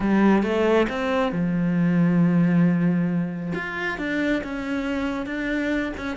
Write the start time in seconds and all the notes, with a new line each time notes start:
0.00 G3
0.42 A3
0.89 C4
1.32 F3
3.54 F4
3.98 D4
4.43 C#4
5.26 D4
5.97 C#4